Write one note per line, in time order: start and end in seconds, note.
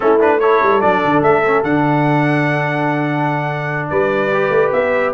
0.00 0.62 A3
0.00 0.19 C#4
0.00 0.40 E4
0.00 0.20 A4
0.20 0.40 D4
0.20 0.39 B4
0.39 0.80 E4
0.39 3.90 A4
0.39 0.80 C#5
0.62 0.82 G3
0.80 1.03 F#3
0.80 1.42 D4
0.80 1.22 D5
1.04 1.22 D3
1.22 1.62 A3
1.22 1.63 E5
1.45 1.64 C#4
1.62 3.89 D3
1.62 4.31 D4
1.62 3.89 F#5
3.89 4.49 G3
3.89 5.13 B4
3.89 4.71 D5
4.33 5.13 G4
4.49 4.70 A3
4.72 5.13 B3
4.72 5.13 E5